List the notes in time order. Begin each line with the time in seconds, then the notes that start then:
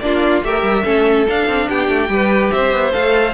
0.00 A#3 D4 F4 D5
0.43 A3 G4 A#4 E5
0.63 G3
0.84 A3 C#4 A4
1.29 D4 F5
1.48 C4
1.69 B3 G4 G5
1.89 A3
2.09 G3 G4 B4
2.52 C4 C5 E5
2.73 B3
2.93 A3 A4 F5